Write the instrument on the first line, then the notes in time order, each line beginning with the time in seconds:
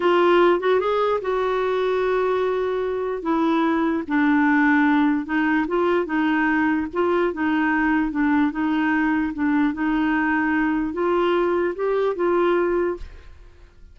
clarinet
0.00 F4
0.60 F#4
0.79 G#4
1.21 F#4
3.22 E4
4.07 D4
5.25 D#4
5.67 F4
6.05 D#4
6.93 F4
7.33 D#4
8.11 D4
8.51 D#4
9.33 D4
9.73 D#4
10.93 F4
11.75 G4
12.15 F4